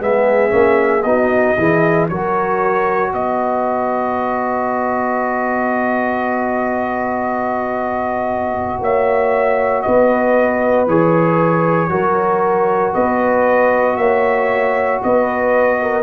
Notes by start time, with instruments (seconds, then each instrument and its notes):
0.00 tuba G#3, trombone B3, horn G#4, trumpet E5
0.49 tuba A#3, trombone C#4
1.03 tuba B3, trombone D#4, horn F#4, trumpet D#5
1.57 tuba E3, trombone E4, horn G#4
2.09 tuba F#3, trombone F#4, horn A#4, trumpet C#5
3.12 tuba B3, horn B4, trumpet D#5
8.81 tuba A#3, horn C#5, trumpet E5
9.82 tuba B3, horn B4, trumpet D#5
10.87 tuba E3, trombone G#4, trumpet C#5
11.89 tuba F#3, trombone F#4, horn A#4
12.93 tuba B3, horn B4, trumpet D#5
13.96 tuba A#3, horn C#5, trumpet E5
15.03 tuba B3, horn B4, trumpet D#5
15.82 horn A#4